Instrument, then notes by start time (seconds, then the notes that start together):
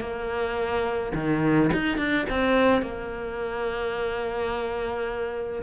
cello
0.00 A#3
1.14 D#3
1.73 D#4
1.98 D4
2.29 C4
2.82 A#3